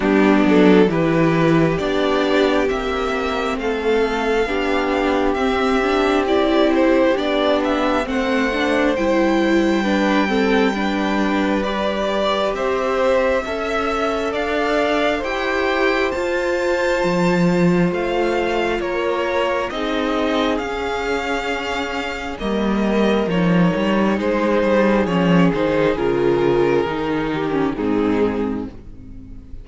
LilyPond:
<<
  \new Staff \with { instrumentName = "violin" } { \time 4/4 \tempo 4 = 67 g'8 a'8 b'4 d''4 e''4 | f''2 e''4 d''8 c''8 | d''8 e''8 fis''4 g''2~ | g''4 d''4 e''2 |
f''4 g''4 a''2 | f''4 cis''4 dis''4 f''4~ | f''4 dis''4 cis''4 c''4 | cis''8 c''8 ais'2 gis'4 | }
  \new Staff \with { instrumentName = "violin" } { \time 4/4 d'4 g'2. | a'4 g'2.~ | g'4 c''2 b'8 a'8 | b'2 c''4 e''4 |
d''4 c''2.~ | c''4 ais'4 gis'2~ | gis'4 ais'2 gis'4~ | gis'2~ gis'8 g'8 dis'4 | }
  \new Staff \with { instrumentName = "viola" } { \time 4/4 b4 e'4 d'4 c'4~ | c'4 d'4 c'8 d'8 e'4 | d'4 c'8 d'8 e'4 d'8 c'8 | d'4 g'2 a'4~ |
a'4 g'4 f'2~ | f'2 dis'4 cis'4~ | cis'4 ais4 dis'2 | cis'8 dis'8 f'4 dis'8. cis'16 c'4 | }
  \new Staff \with { instrumentName = "cello" } { \time 4/4 g8 fis8 e4 b4 ais4 | a4 b4 c'2 | b4 a4 g2~ | g2 c'4 cis'4 |
d'4 e'4 f'4 f4 | a4 ais4 c'4 cis'4~ | cis'4 g4 f8 g8 gis8 g8 | f8 dis8 cis4 dis4 gis,4 | }
>>